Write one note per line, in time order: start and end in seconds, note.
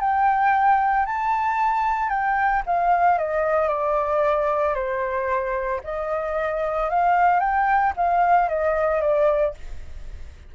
0.00 1.06 G5
1.06 2.09 A5
2.09 2.62 G5
2.66 3.18 F5
3.18 3.68 D#5
3.68 4.74 D5
4.74 5.80 C5
5.84 6.90 D#5
6.90 7.39 F5
7.39 7.93 G5
7.96 8.49 F5
8.49 9.01 D#5
9.01 9.54 D5